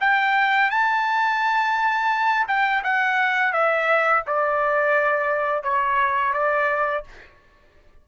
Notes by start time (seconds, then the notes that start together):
0.00 G5
0.70 A5
2.47 G5
2.83 F#5
3.53 E5
4.26 D5
5.63 C#5
6.33 D5